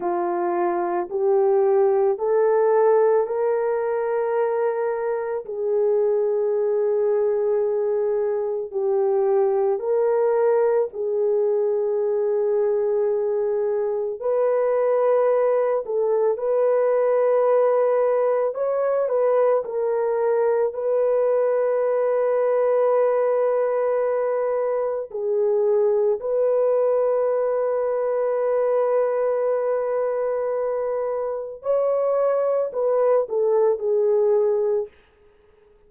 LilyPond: \new Staff \with { instrumentName = "horn" } { \time 4/4 \tempo 4 = 55 f'4 g'4 a'4 ais'4~ | ais'4 gis'2. | g'4 ais'4 gis'2~ | gis'4 b'4. a'8 b'4~ |
b'4 cis''8 b'8 ais'4 b'4~ | b'2. gis'4 | b'1~ | b'4 cis''4 b'8 a'8 gis'4 | }